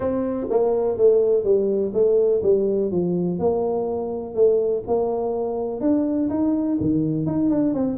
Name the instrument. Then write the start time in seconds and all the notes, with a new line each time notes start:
tuba
0.00 C4
0.50 A#3
0.97 A3
1.44 G3
1.93 A3
2.42 G3
2.91 F3
3.39 A#3
4.34 A3
4.87 A#3
5.80 D4
6.29 D#4
6.80 D#3
7.26 D#4
7.50 D4
7.74 C4